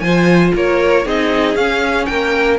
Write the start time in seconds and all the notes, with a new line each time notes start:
0.00 F3 F4 C5 G#5
0.55 A#3 A#4 C#5
1.05 C4 D#4 G#4 D#5
1.55 C#4 F5
2.06 A#3 A#4 G5